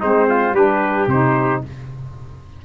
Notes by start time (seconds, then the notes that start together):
0.00 G#3 C4 D#4 C5
0.29 F4
0.52 G3 D4 G4 B4
1.07 C3 D#4 C5